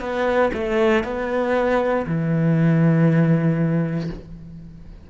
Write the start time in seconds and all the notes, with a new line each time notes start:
0.00 B3
0.53 A3
1.04 B3
2.06 E3